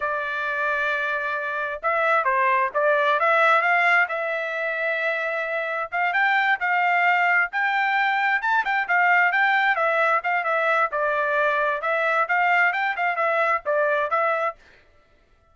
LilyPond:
\new Staff \with { instrumentName = "trumpet" } { \time 4/4 \tempo 4 = 132 d''1 | e''4 c''4 d''4 e''4 | f''4 e''2.~ | e''4 f''8 g''4 f''4.~ |
f''8 g''2 a''8 g''8 f''8~ | f''8 g''4 e''4 f''8 e''4 | d''2 e''4 f''4 | g''8 f''8 e''4 d''4 e''4 | }